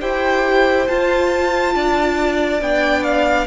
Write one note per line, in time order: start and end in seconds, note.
0.00 0.88 E4
0.00 0.87 G4
0.00 1.74 C5
0.00 0.87 G5
0.87 2.61 F4
0.87 1.74 F4
0.87 2.61 A5
1.74 2.61 D4
1.74 3.47 D5
2.61 3.47 B3
2.61 3.47 D4
2.61 3.03 G5
3.03 3.47 F5